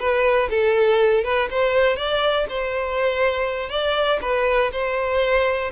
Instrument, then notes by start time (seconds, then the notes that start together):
violin
0.00 B4
0.50 A4
1.24 B4
1.51 C5
1.96 D5
2.49 C5
3.70 D5
4.22 B4
4.72 C5